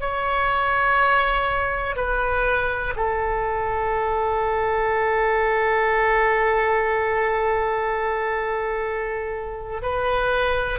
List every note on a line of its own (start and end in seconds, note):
0.00 1.96 C#5
1.96 2.94 B4
2.96 9.82 A4
9.82 10.79 B4